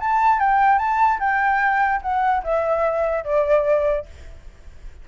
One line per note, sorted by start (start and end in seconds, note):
0.00 0.40 A5
0.40 0.78 G5
0.78 1.19 A5
1.19 2.00 G5
2.02 2.43 F#5
2.44 3.24 E5
3.24 4.05 D5